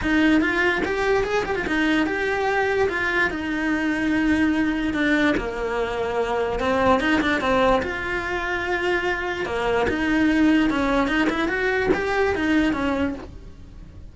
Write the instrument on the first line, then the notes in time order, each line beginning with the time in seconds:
cello
0.01 D#4
0.40 F4
0.84 G4
1.23 G#4
1.45 G4
1.55 F4
1.66 D#4
2.06 G4
2.89 F4
3.30 D#4
4.93 D4
5.37 A#3
6.59 C4
7.00 D#4
7.21 D4
7.40 C4
7.82 F4
9.45 A#3
9.89 D#4
10.70 C#4
11.07 D#4
11.29 E4
11.48 F#4
11.94 G4
12.35 D#4
12.73 C#4